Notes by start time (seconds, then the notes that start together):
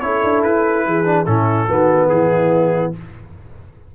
0.00 C#4 E4 A4 C#5
0.23 D4
0.43 E4 B4
0.86 E3 G#4
1.05 D4
1.26 A2 C#4 E4 A4
1.67 D#3 B3 F#4
2.09 E3 E4 G#4